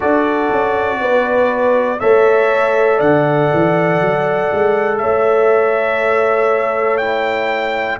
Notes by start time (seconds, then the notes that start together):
0.00 D4 F#4 A4 D5
0.50 C#4
1.00 B3 B4
1.99 A3 A4 C#5 E5
2.97 D3 D5 F#5
3.53 E3
4.00 F#3
4.52 G#3
4.98 A3 C#5 E5
6.97 E4 G5